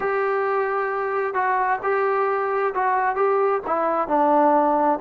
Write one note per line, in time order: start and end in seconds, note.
0.00 1.33 G4
1.33 1.79 F#4
1.82 2.73 G4
2.74 3.15 F#4
3.15 3.61 G4
3.67 4.08 E4
4.08 4.99 D4